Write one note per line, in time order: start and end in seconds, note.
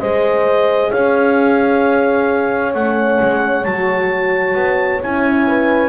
0.00 0.93 G#3
0.00 2.74 G#4
0.00 0.91 C5
0.00 0.91 D#5
0.91 2.75 C#4
0.91 5.46 C#5
0.91 2.73 F5
2.74 3.20 A3
2.74 3.65 C#4
2.74 3.64 F#5
3.21 3.65 G#3
3.64 4.55 F#3
3.64 5.02 F#4
3.64 5.01 A5
4.55 5.00 B3
5.02 5.89 C#4
5.02 5.89 E4
5.02 5.89 G#5
5.47 5.89 B4